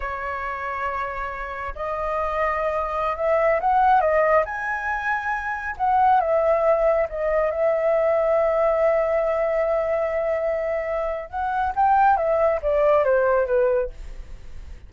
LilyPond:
\new Staff \with { instrumentName = "flute" } { \time 4/4 \tempo 4 = 138 cis''1 | dis''2.~ dis''16 e''8.~ | e''16 fis''4 dis''4 gis''4.~ gis''16~ | gis''4~ gis''16 fis''4 e''4.~ e''16~ |
e''16 dis''4 e''2~ e''8.~ | e''1~ | e''2 fis''4 g''4 | e''4 d''4 c''4 b'4 | }